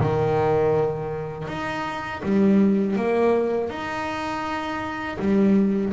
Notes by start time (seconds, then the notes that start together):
0.00 D#3
1.47 D#4
2.23 G3
2.96 A#3
3.70 D#4
5.19 G3